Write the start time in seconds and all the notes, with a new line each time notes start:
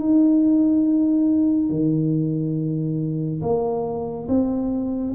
0.00 D#4
1.70 D#3
3.42 A#3
4.29 C4